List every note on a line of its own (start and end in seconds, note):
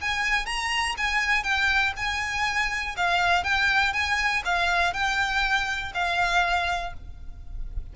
0.00 0.45 G#5
0.45 0.95 A#5
0.97 1.43 G#5
1.43 1.93 G5
1.96 2.95 G#5
2.96 3.43 F5
3.43 3.92 G5
3.92 4.42 G#5
4.45 4.93 F5
4.93 5.92 G5
5.94 6.93 F5